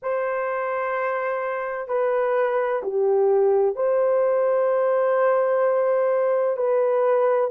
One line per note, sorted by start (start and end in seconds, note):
0.02 1.87 C5
1.87 2.81 B4
2.82 3.75 G4
3.75 6.56 C5
6.56 7.50 B4